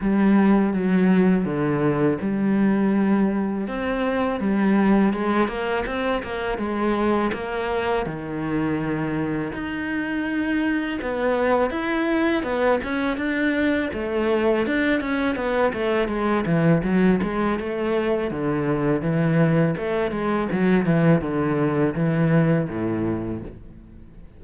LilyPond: \new Staff \with { instrumentName = "cello" } { \time 4/4 \tempo 4 = 82 g4 fis4 d4 g4~ | g4 c'4 g4 gis8 ais8 | c'8 ais8 gis4 ais4 dis4~ | dis4 dis'2 b4 |
e'4 b8 cis'8 d'4 a4 | d'8 cis'8 b8 a8 gis8 e8 fis8 gis8 | a4 d4 e4 a8 gis8 | fis8 e8 d4 e4 a,4 | }